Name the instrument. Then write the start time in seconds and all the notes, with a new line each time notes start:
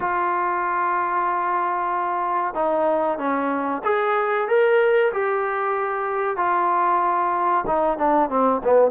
trombone
0.00 F4
2.54 D#4
3.18 C#4
3.84 G#4
4.48 A#4
5.12 G4
6.37 F4
7.66 D#4
7.98 D4
8.29 C4
8.63 B3